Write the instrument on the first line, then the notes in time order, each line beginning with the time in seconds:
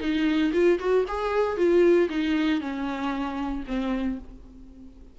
viola
0.00 D#4
0.53 F4
0.79 F#4
1.08 G#4
1.57 F4
2.09 D#4
2.61 C#4
3.67 C4